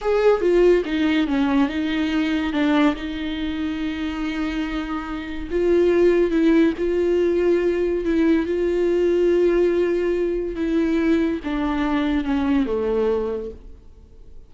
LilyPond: \new Staff \with { instrumentName = "viola" } { \time 4/4 \tempo 4 = 142 gis'4 f'4 dis'4 cis'4 | dis'2 d'4 dis'4~ | dis'1~ | dis'4 f'2 e'4 |
f'2. e'4 | f'1~ | f'4 e'2 d'4~ | d'4 cis'4 a2 | }